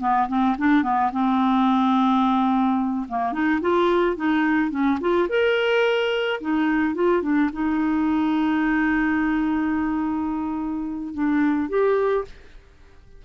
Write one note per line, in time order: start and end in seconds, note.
0.00 0.28 B3
0.28 0.56 C4
0.58 0.83 D4
0.83 1.11 B3
1.12 3.06 C4
3.08 3.32 A#3
3.32 3.60 D#4
3.61 4.16 F4
4.16 4.70 D#4
4.70 4.98 C#4
5.01 5.28 F4
5.29 6.40 A#4
6.40 6.94 D#4
6.94 7.22 F4
7.22 7.50 D4
7.53 11.14 D#4
11.14 11.69 D4
11.69 12.24 G4